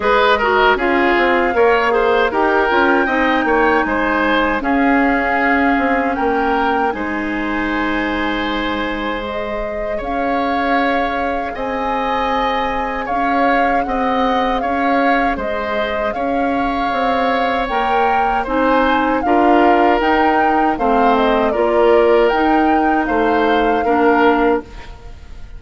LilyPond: <<
  \new Staff \with { instrumentName = "flute" } { \time 4/4 \tempo 4 = 78 dis''4 f''2 g''4~ | g''4 gis''4 f''2 | g''4 gis''2. | dis''4 f''2 gis''4~ |
gis''4 f''4 fis''4 f''4 | dis''4 f''2 g''4 | gis''4 f''4 g''4 f''8 dis''8 | d''4 g''4 f''2 | }
  \new Staff \with { instrumentName = "oboe" } { \time 4/4 b'8 ais'8 gis'4 cis''8 c''8 ais'4 | dis''8 cis''8 c''4 gis'2 | ais'4 c''2.~ | c''4 cis''2 dis''4~ |
dis''4 cis''4 dis''4 cis''4 | c''4 cis''2. | c''4 ais'2 c''4 | ais'2 c''4 ais'4 | }
  \new Staff \with { instrumentName = "clarinet" } { \time 4/4 gis'8 fis'8 f'4 ais'8 gis'8 g'8 f'8 | dis'2 cis'2~ | cis'4 dis'2. | gis'1~ |
gis'1~ | gis'2. ais'4 | dis'4 f'4 dis'4 c'4 | f'4 dis'2 d'4 | }
  \new Staff \with { instrumentName = "bassoon" } { \time 4/4 gis4 cis'8 c'8 ais4 dis'8 cis'8 | c'8 ais8 gis4 cis'4. c'8 | ais4 gis2.~ | gis4 cis'2 c'4~ |
c'4 cis'4 c'4 cis'4 | gis4 cis'4 c'4 ais4 | c'4 d'4 dis'4 a4 | ais4 dis'4 a4 ais4 | }
>>